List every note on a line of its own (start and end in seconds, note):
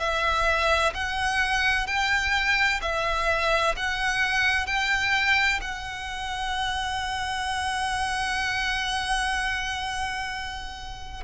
0.00 0.94 E5
0.95 1.87 F#5
1.87 2.81 G5
2.82 3.76 E5
3.77 4.67 F#5
4.67 5.60 G5
5.61 11.24 F#5